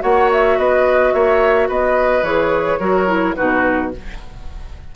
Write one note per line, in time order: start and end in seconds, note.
0.00 0.58 A#3
0.00 2.22 F#4
0.00 0.58 C#5
0.00 0.30 F#5
0.32 0.59 E5
0.58 1.14 B3
0.58 1.14 B4
0.58 1.13 D#5
1.13 1.69 A#3
1.13 1.68 C#5
1.13 1.69 E5
1.68 2.22 B3
1.68 2.80 B4
1.68 2.24 D#5
2.22 2.78 E3
2.22 2.80 G#4
2.22 3.35 C#5
2.80 3.36 F#3
2.80 3.07 F#4
2.80 3.35 A#4
3.07 3.35 E4
3.35 3.95 B2
3.35 3.92 D#4
3.35 3.92 F#4
3.35 3.91 B4